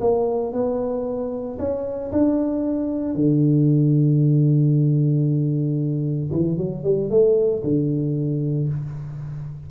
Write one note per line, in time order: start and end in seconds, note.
0.00 0.52 A#3
0.52 1.57 B3
1.58 2.11 C#4
2.11 3.14 D4
3.14 6.30 D3
6.31 6.57 E3
6.57 6.83 F#3
6.83 7.10 G3
7.10 7.62 A3
7.63 8.68 D3